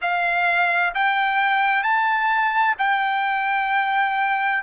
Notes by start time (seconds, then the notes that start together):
0.01 F5
0.94 G5
1.83 A5
2.78 G5